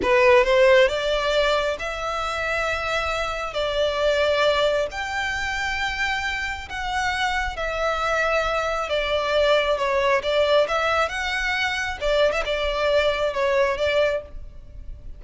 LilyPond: \new Staff \with { instrumentName = "violin" } { \time 4/4 \tempo 4 = 135 b'4 c''4 d''2 | e''1 | d''2. g''4~ | g''2. fis''4~ |
fis''4 e''2. | d''2 cis''4 d''4 | e''4 fis''2 d''8. e''16 | d''2 cis''4 d''4 | }